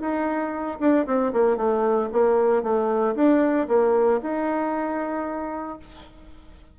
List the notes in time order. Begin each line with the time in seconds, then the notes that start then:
0.00 D#4
0.80 D4
1.06 C4
1.33 A#3
1.57 A3
2.12 A#3
2.63 A3
3.15 D4
3.68 A#3
4.22 D#4